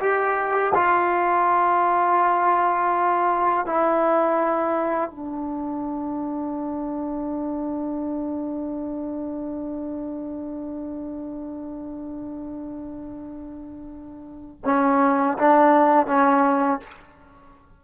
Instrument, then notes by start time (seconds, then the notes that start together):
trombone
0.00 G4
0.75 F4
3.66 E4
5.11 D4
14.65 C#4
15.39 D4
16.07 C#4